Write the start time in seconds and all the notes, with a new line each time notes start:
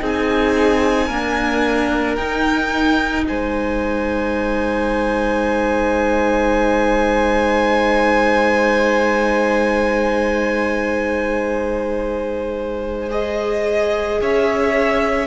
0.00 C4 D#4 G#4 G#5
1.07 A#3 D4 A#4
2.15 D#4 G5
3.27 G#3 C5 G#5
13.09 G#4 D#5
14.21 C#4 C#5 E5